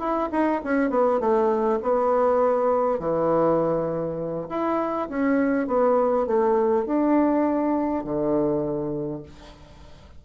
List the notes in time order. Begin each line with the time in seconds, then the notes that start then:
0.00 E4
0.32 D#4
0.64 C#4
0.90 B3
1.20 A3
1.83 B3
2.99 E3
4.50 E4
5.10 C#4
5.68 B3
6.27 A3
6.86 D4
8.04 D3